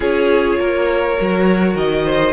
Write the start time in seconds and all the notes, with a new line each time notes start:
0.00 C#4 F4 G#4 C#5
0.59 A#3 A#4
1.17 F#3 F#4
1.75 D#3 D#5
2.05 C5